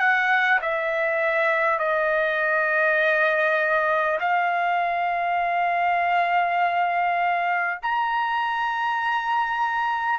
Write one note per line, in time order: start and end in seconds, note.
0.00 0.60 F#5
0.62 1.79 E5
1.79 4.19 D#5
4.20 7.80 F5
7.83 10.19 A#5